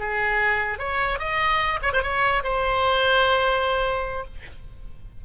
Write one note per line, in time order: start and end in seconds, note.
0.00 0.79 G#4
0.79 1.20 C#5
1.20 1.80 D#5
1.83 1.93 C#5
1.93 2.03 C5
2.03 2.43 C#5
2.44 4.25 C5